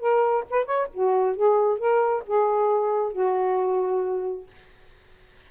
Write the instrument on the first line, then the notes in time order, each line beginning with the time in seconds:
saxophone
0.00 A#4
0.50 B4
0.65 C#5
0.94 F#4
1.36 G#4
1.78 A#4
2.27 G#4
3.13 F#4